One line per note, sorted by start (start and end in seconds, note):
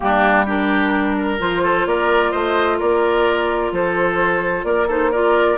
0.00 1.40 G3
0.00 0.46 A#3
0.00 0.45 D4
0.00 0.46 G4
0.45 1.38 D4
0.45 1.15 G4
0.45 1.40 A#4
1.17 1.63 A#4
1.38 1.85 F3
1.38 4.87 F4
1.38 1.87 C5
1.63 1.86 A4
1.85 2.32 A#3
1.85 2.31 A#4
1.85 2.32 D5
2.31 2.80 A3
2.31 2.77 C5
2.31 2.78 D#5
2.78 3.72 A#3
2.78 3.72 A#4
2.78 3.72 D5
3.72 4.63 F3
3.72 4.65 A4
3.72 4.64 C5
4.63 5.56 A#3
4.63 4.87 A#4
4.63 4.87 D5
4.87 5.11 D#4
4.87 5.11 A4
4.87 5.11 C5
5.11 5.57 F4
5.11 5.57 A#4
5.11 5.57 D5